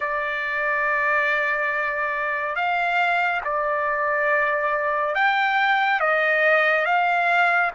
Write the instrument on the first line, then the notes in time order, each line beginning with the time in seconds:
trumpet
0.00 D5
2.55 F5
3.44 D5
5.14 G5
6.00 D#5
6.85 F5